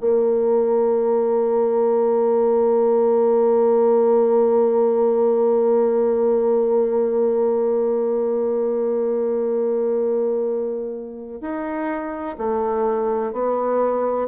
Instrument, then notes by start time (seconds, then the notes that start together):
bassoon
0.00 A#3
11.41 D#4
12.37 A3
13.32 B3